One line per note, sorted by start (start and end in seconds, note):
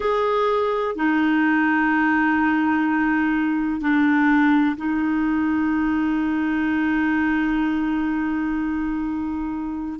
0.00 0.95 G#4
0.95 3.81 D#4
3.81 4.76 D4
4.77 9.99 D#4